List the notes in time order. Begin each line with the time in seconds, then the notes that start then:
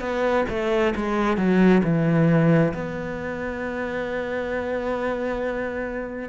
0.00 B3
0.49 A3
0.95 G#3
1.37 F#3
1.84 E3
2.74 B3